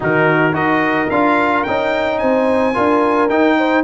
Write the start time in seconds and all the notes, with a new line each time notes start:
0.00 D#3 D#4 F#4 A#4
0.52 D#4 F#4 A#4 D#5
1.10 D4 F4 F5
1.63 C#4 D#4 G5
2.18 C4 C5 G#5
2.74 D4 F4 A#4
3.29 D#4 G5
3.57 C5